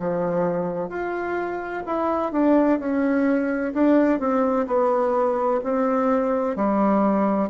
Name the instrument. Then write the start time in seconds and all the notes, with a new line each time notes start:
bassoon
0.00 F3
0.89 F4
1.86 E4
2.33 D4
2.80 C#4
3.74 D4
4.20 C4
4.67 B3
5.64 C4
6.56 G3